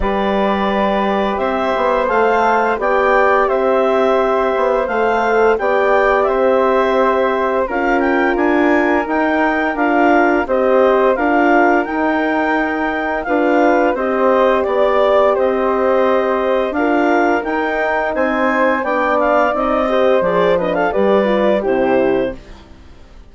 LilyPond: <<
  \new Staff \with { instrumentName = "clarinet" } { \time 4/4 \tempo 4 = 86 d''2 e''4 f''4 | g''4 e''2 f''4 | g''4 e''2 f''8 g''8 | gis''4 g''4 f''4 dis''4 |
f''4 g''2 f''4 | dis''4 d''4 dis''2 | f''4 g''4 gis''4 g''8 f''8 | dis''4 d''8 dis''16 f''16 d''4 c''4 | }
  \new Staff \with { instrumentName = "flute" } { \time 4/4 b'2 c''2 | d''4 c''2. | d''4 c''2 ais'4~ | ais'2. c''4 |
ais'2. b'4 | c''4 d''4 c''2 | ais'2 c''4 d''4~ | d''8 c''4 b'16 a'16 b'4 g'4 | }
  \new Staff \with { instrumentName = "horn" } { \time 4/4 g'2. a'4 | g'2. a'4 | g'2. f'4~ | f'4 dis'4 f'4 g'4 |
f'4 dis'2 f'4 | g'1 | f'4 dis'2 d'4 | dis'8 g'8 gis'8 d'8 g'8 f'8 e'4 | }
  \new Staff \with { instrumentName = "bassoon" } { \time 4/4 g2 c'8 b8 a4 | b4 c'4. b8 a4 | b4 c'2 cis'4 | d'4 dis'4 d'4 c'4 |
d'4 dis'2 d'4 | c'4 b4 c'2 | d'4 dis'4 c'4 b4 | c'4 f4 g4 c4 | }
>>